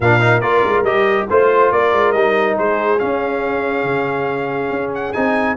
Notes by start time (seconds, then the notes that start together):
0.00 A#2 D4 A#4 F5
0.20 D#4
0.40 A#3 F4 D5
0.64 G#3
0.82 G3 G4 D#5
1.30 A3 F4 C5
1.71 A#3 A#4 D5
1.92 G#3
2.12 G3 D#4 D#5
2.57 G#3 G#4 C5
2.98 C#4 F5
3.83 C#3
4.70 C#4
4.94 F#5
5.12 C4 D#4 G#5